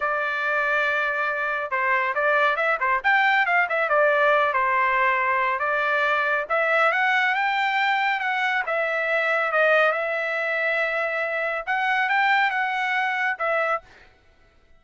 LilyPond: \new Staff \with { instrumentName = "trumpet" } { \time 4/4 \tempo 4 = 139 d''1 | c''4 d''4 e''8 c''8 g''4 | f''8 e''8 d''4. c''4.~ | c''4 d''2 e''4 |
fis''4 g''2 fis''4 | e''2 dis''4 e''4~ | e''2. fis''4 | g''4 fis''2 e''4 | }